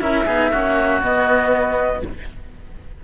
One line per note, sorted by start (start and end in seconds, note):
0.00 0.26 C#4
0.00 0.25 E4
0.00 0.25 A#4
0.00 1.02 E5
0.25 0.51 B3
0.25 0.52 D#4
0.25 0.50 G#4
0.51 1.02 A#3
0.51 1.01 C#4
0.51 2.02 F#4
1.01 2.02 B3
1.01 2.03 B3
1.01 2.03 D#5